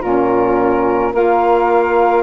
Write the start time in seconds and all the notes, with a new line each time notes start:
0.00 A#2 C#4 F4 A#4
1.13 A#3 F4 A#4 F5